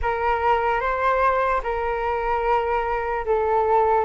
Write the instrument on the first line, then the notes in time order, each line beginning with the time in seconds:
flute
0.01 A#4
0.80 C5
1.63 A#4
3.25 A4